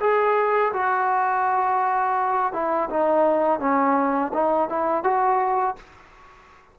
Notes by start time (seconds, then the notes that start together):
0.00 G#4
0.73 F#4
2.53 E4
2.90 D#4
3.60 C#4
4.33 D#4
4.69 E4
5.03 F#4